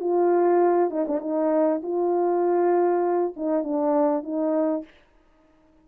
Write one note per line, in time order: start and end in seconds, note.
0.00 0.91 F4
0.91 1.06 D#4
1.08 1.21 D4
1.21 1.81 D#4
1.83 3.34 F4
3.37 3.64 D#4
3.64 4.23 D4
4.23 4.84 D#4